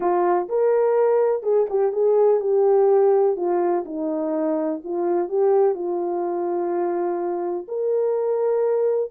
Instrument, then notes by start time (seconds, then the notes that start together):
horn
0.00 F4
0.48 A#4
1.42 G#4
1.69 G4
1.92 G#4
2.40 G4
3.36 F4
3.85 D#4
4.83 F4
5.28 G4
5.75 F4
7.68 A#4